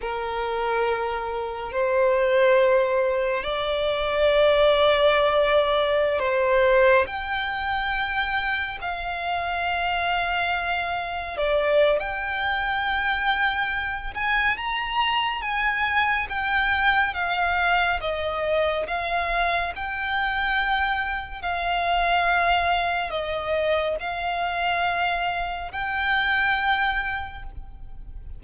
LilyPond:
\new Staff \with { instrumentName = "violin" } { \time 4/4 \tempo 4 = 70 ais'2 c''2 | d''2.~ d''16 c''8.~ | c''16 g''2 f''4.~ f''16~ | f''4~ f''16 d''8. g''2~ |
g''8 gis''8 ais''4 gis''4 g''4 | f''4 dis''4 f''4 g''4~ | g''4 f''2 dis''4 | f''2 g''2 | }